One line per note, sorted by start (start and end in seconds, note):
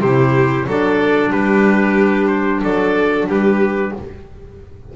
0.00 0.65 C3
0.00 0.68 E4
0.00 0.66 G4
0.00 0.66 C5
0.66 1.31 F#3
0.66 3.94 D4
0.66 1.30 A4
0.66 1.32 D5
1.30 2.62 G3
1.30 2.60 G4
1.30 2.27 B4
2.27 2.60 C5
2.63 3.26 F#3
2.63 3.29 A4
2.63 3.29 D5
3.26 3.92 G3
3.26 3.94 G4
3.26 3.95 B4